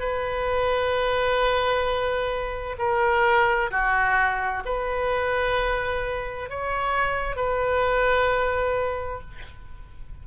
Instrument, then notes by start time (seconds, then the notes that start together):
oboe
0.00 B4
2.79 A#4
3.71 F#4
4.66 B4
6.50 C#5
7.36 B4